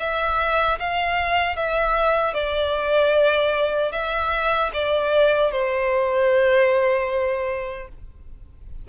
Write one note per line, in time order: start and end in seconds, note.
0.00 0.79 E5
0.80 1.56 F5
1.56 2.34 E5
2.34 3.92 D5
3.92 4.71 E5
4.74 5.52 D5
5.52 7.88 C5